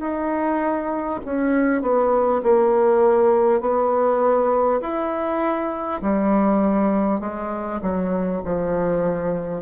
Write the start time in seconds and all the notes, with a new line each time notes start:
0.00 D#4
1.25 C#4
1.82 B3
2.43 A#3
3.61 B3
4.81 E4
6.02 G3
7.21 G#3
7.82 F#3
8.45 F3